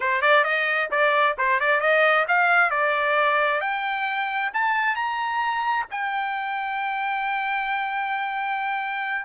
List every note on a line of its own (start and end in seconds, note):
0.00 0.21 C5
0.21 0.44 D5
0.44 0.89 D#5
0.90 1.36 D5
1.37 1.60 C5
1.60 1.80 D5
1.80 2.25 D#5
2.27 2.70 F5
2.70 3.60 D5
3.60 4.51 G5
4.53 4.95 A5
4.95 5.85 A#5
5.90 9.25 G5